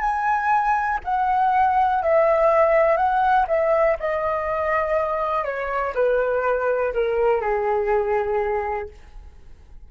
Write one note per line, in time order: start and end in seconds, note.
0.00 0.98 G#5
1.04 2.03 F#5
2.03 2.96 E5
2.96 3.46 F#5
3.47 3.97 E5
4.00 5.44 D#5
5.44 5.93 C#5
5.95 6.93 B4
6.93 7.41 A#4
7.41 8.88 G#4